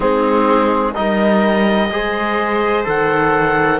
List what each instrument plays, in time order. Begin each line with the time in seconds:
0.00 cello G#3, trombone C4, viola D#4, clarinet G#4
0.93 cello G3, trombone D#4, viola A#4, clarinet D#5
1.90 cello G#3, trombone G#4, viola C5
2.84 cello D#3, trombone A4, clarinet F#5